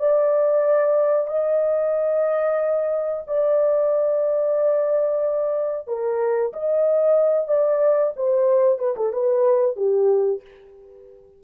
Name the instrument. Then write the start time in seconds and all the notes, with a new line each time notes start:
horn
0.00 D5
1.28 D#5
3.28 D5
5.88 A#4
6.53 D#5
7.48 D5
8.17 C5
8.79 B4
8.97 A4
9.13 B4
9.76 G4